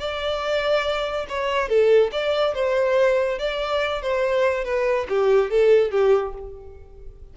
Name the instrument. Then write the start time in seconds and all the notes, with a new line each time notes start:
violin
0.00 D5
1.29 C#5
1.69 A4
2.12 D5
2.55 C5
3.39 D5
4.03 C5
4.65 B4
5.09 G4
5.51 A4
5.92 G4